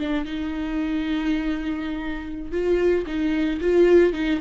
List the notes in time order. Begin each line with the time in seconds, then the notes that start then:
0.00 D4
0.25 D#4
2.53 F4
3.07 D#4
3.62 F4
4.13 D#4